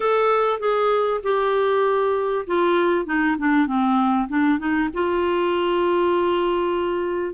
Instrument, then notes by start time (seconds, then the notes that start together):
clarinet
0.00 A4
0.59 G#4
1.23 G4
2.47 F4
3.05 D#4
3.38 D4
3.66 C4
4.28 D4
4.58 D#4
4.93 F4